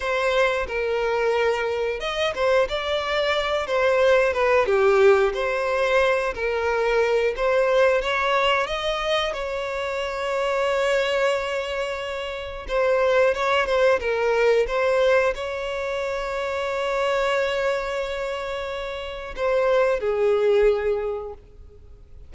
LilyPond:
\new Staff \with { instrumentName = "violin" } { \time 4/4 \tempo 4 = 90 c''4 ais'2 dis''8 c''8 | d''4. c''4 b'8 g'4 | c''4. ais'4. c''4 | cis''4 dis''4 cis''2~ |
cis''2. c''4 | cis''8 c''8 ais'4 c''4 cis''4~ | cis''1~ | cis''4 c''4 gis'2 | }